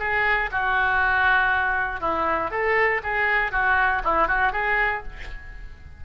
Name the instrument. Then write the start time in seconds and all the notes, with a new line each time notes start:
oboe
0.00 G#4
0.52 F#4
2.01 E4
2.51 A4
3.04 G#4
3.52 F#4
4.04 E4
4.28 F#4
4.53 G#4